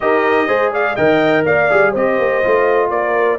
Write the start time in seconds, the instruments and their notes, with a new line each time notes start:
0.00 tuba D#4, trombone G4, horn A#4, trumpet D#5
0.47 tuba G#3, trombone G#4, horn C5
0.72 horn D5, trumpet F5
0.95 tuba D#3, trombone A#4, horn D#5, trumpet G5
1.45 tuba A#3, horn D5, trumpet F5
1.69 tuba G3, trombone G#4
1.91 tuba C4, trombone G4, horn C5, trumpet D#5
2.18 tuba A#3
2.44 tuba A3, trombone F4
2.89 tuba A#3, horn A#4, trumpet D5